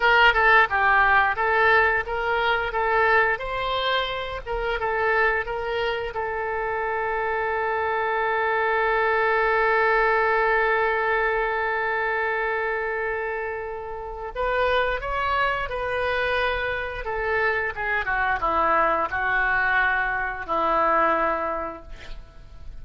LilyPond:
\new Staff \with { instrumentName = "oboe" } { \time 4/4 \tempo 4 = 88 ais'8 a'8 g'4 a'4 ais'4 | a'4 c''4. ais'8 a'4 | ais'4 a'2.~ | a'1~ |
a'1~ | a'4 b'4 cis''4 b'4~ | b'4 a'4 gis'8 fis'8 e'4 | fis'2 e'2 | }